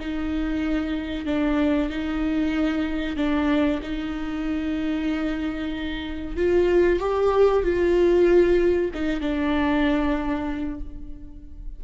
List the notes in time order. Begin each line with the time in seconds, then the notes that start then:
0.00 D#4
1.26 D4
1.90 D#4
3.17 D4
3.83 D#4
6.37 F4
7.00 G4
7.64 F4
8.94 D#4
9.21 D4